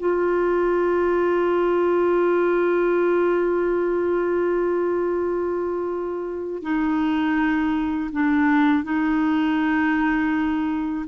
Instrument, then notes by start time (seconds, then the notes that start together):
clarinet
0.00 F4
6.63 D#4
8.12 D4
8.84 D#4